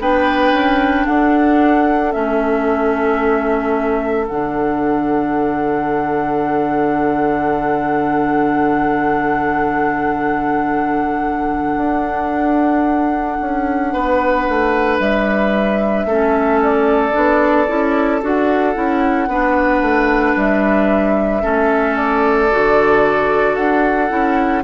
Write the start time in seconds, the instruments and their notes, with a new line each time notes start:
0.00 bassoon B3, clarinet D4, oboe B4, flute G5
0.53 bassoon C#4
1.06 bassoon D4, oboe A4, flute F#5
2.12 bassoon A3, clarinet C#4, flute E5
4.28 bassoon D3, clarinet D4, flute F#5
11.77 bassoon D4
13.41 bassoon C#4
13.93 bassoon B3, oboe B4
14.49 bassoon A3
15.00 bassoon G3, flute E5
16.06 bassoon A3, clarinet C#4, oboe A4
16.62 flute D5
17.13 bassoon B3, clarinet D4
17.67 bassoon C#4, clarinet E4
18.22 bassoon D4, clarinet F#4, flute F#5
18.75 bassoon C#4, clarinet E4
19.28 bassoon B3, clarinet D4, oboe B4
19.82 bassoon A3
20.36 bassoon G3, flute E5
21.42 bassoon A3, clarinet C#4, oboe A4
21.97 flute D5
22.51 bassoon D3, clarinet F#4
23.56 bassoon D4, flute F#5
24.09 bassoon C#4, clarinet E4